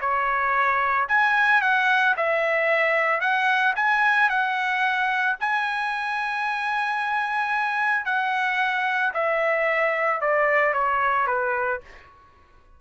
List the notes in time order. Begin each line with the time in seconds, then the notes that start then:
0.00 C#5
1.08 G#5
1.61 F#5
2.16 E5
3.20 F#5
3.75 G#5
4.29 F#5
5.40 G#5
8.05 F#5
9.13 E5
10.21 D5
10.73 C#5
11.27 B4